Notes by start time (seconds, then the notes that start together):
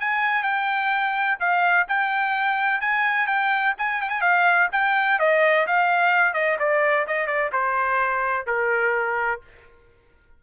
0.00 G#5
0.43 G5
1.40 F5
1.88 G5
2.81 G#5
3.27 G5
3.78 G#5
4.01 G5
4.10 G#5
4.21 F5
4.72 G5
5.19 D#5
5.66 F5
6.33 D#5
6.59 D5
7.07 D#5
7.27 D5
7.52 C5
8.46 A#4